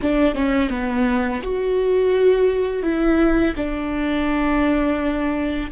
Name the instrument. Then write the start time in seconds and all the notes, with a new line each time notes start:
viola
0.01 D4
0.34 C#4
0.69 B3
1.42 F#4
2.82 E4
3.56 D4